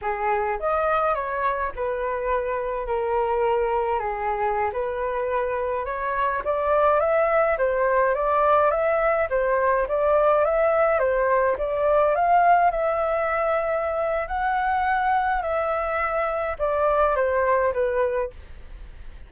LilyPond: \new Staff \with { instrumentName = "flute" } { \time 4/4 \tempo 4 = 105 gis'4 dis''4 cis''4 b'4~ | b'4 ais'2 gis'4~ | gis'16 b'2 cis''4 d''8.~ | d''16 e''4 c''4 d''4 e''8.~ |
e''16 c''4 d''4 e''4 c''8.~ | c''16 d''4 f''4 e''4.~ e''16~ | e''4 fis''2 e''4~ | e''4 d''4 c''4 b'4 | }